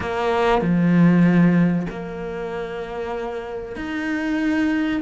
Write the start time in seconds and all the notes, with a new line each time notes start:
0.00 A#3
0.61 F3
1.89 A#3
3.76 D#4